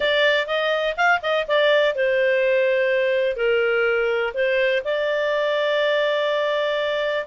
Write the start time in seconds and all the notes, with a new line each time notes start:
0.00 D5
0.46 D#5
0.96 F5
1.22 D#5
1.47 D5
1.95 C5
3.36 A#4
4.34 C5
4.84 D5